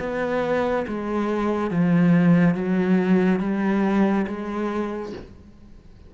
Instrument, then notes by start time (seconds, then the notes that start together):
cello
0.00 B3
0.87 G#3
1.71 F3
2.55 F#3
3.40 G3
4.27 G#3